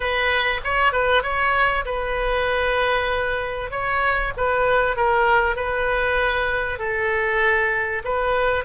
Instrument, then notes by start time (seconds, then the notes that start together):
oboe
0.00 B4
0.64 C#5
0.92 B4
1.23 C#5
1.85 B4
3.71 C#5
4.36 B4
4.96 A#4
5.56 B4
6.78 A4
8.04 B4